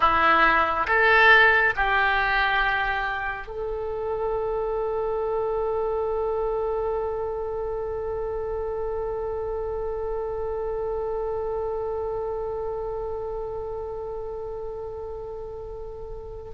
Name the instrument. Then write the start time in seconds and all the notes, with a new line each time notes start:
oboe
0.00 E4
0.87 A4
1.75 G4
3.47 A4